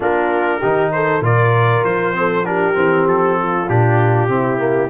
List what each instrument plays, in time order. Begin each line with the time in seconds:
0.00 tuba A#3, trombone D4, horn F4, trumpet A#4
0.59 tuba D#3, trombone D#4, horn G4
0.92 horn A4, trumpet C5
1.20 tuba A#2, trombone F4, horn A#4, trumpet D5
1.83 tuba F3, trumpet C5
2.13 trombone C4, horn A4
2.45 trombone D4, horn G4, trumpet A#4
2.74 tuba E3, trombone C4
3.06 tuba F3, trumpet A4
3.38 horn F4
3.68 tuba A#2, trombone D4, trumpet G4
4.28 tuba C3, trombone C4, horn E4
4.58 trombone A#3